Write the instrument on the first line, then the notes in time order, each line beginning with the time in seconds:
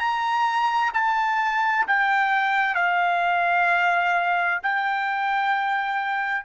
trumpet
0.00 A#5
0.94 A5
1.88 G5
2.75 F5
4.63 G5